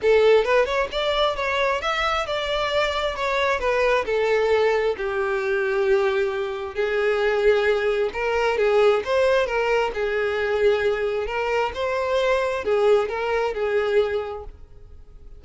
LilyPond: \new Staff \with { instrumentName = "violin" } { \time 4/4 \tempo 4 = 133 a'4 b'8 cis''8 d''4 cis''4 | e''4 d''2 cis''4 | b'4 a'2 g'4~ | g'2. gis'4~ |
gis'2 ais'4 gis'4 | c''4 ais'4 gis'2~ | gis'4 ais'4 c''2 | gis'4 ais'4 gis'2 | }